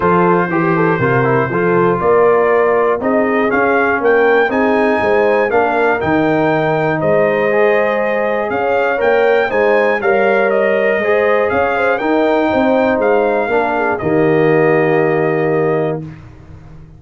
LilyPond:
<<
  \new Staff \with { instrumentName = "trumpet" } { \time 4/4 \tempo 4 = 120 c''1 | d''2 dis''4 f''4 | g''4 gis''2 f''4 | g''2 dis''2~ |
dis''4 f''4 g''4 gis''4 | f''4 dis''2 f''4 | g''2 f''2 | dis''1 | }
  \new Staff \with { instrumentName = "horn" } { \time 4/4 a'4 g'8 a'8 ais'4 a'4 | ais'2 gis'2 | ais'4 gis'4 c''4 ais'4~ | ais'2 c''2~ |
c''4 cis''2 c''4 | cis''2 c''4 cis''8 c''8 | ais'4 c''2 ais'8 gis'8 | g'1 | }
  \new Staff \with { instrumentName = "trombone" } { \time 4/4 f'4 g'4 f'8 e'8 f'4~ | f'2 dis'4 cis'4~ | cis'4 dis'2 d'4 | dis'2. gis'4~ |
gis'2 ais'4 dis'4 | ais'2 gis'2 | dis'2. d'4 | ais1 | }
  \new Staff \with { instrumentName = "tuba" } { \time 4/4 f4 e4 c4 f4 | ais2 c'4 cis'4 | ais4 c'4 gis4 ais4 | dis2 gis2~ |
gis4 cis'4 ais4 gis4 | g2 gis4 cis'4 | dis'4 c'4 gis4 ais4 | dis1 | }
>>